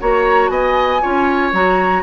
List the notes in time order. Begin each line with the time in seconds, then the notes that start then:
0.00 A#3 F#4 C#5 A#5
0.49 B3 D#5 G#5
1.02 C#4 F4 C#5
1.53 F#3 F#4 A#5